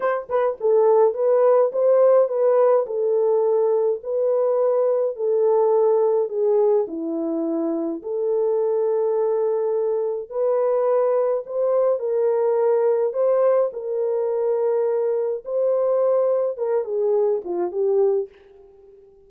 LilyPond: \new Staff \with { instrumentName = "horn" } { \time 4/4 \tempo 4 = 105 c''8 b'8 a'4 b'4 c''4 | b'4 a'2 b'4~ | b'4 a'2 gis'4 | e'2 a'2~ |
a'2 b'2 | c''4 ais'2 c''4 | ais'2. c''4~ | c''4 ais'8 gis'4 f'8 g'4 | }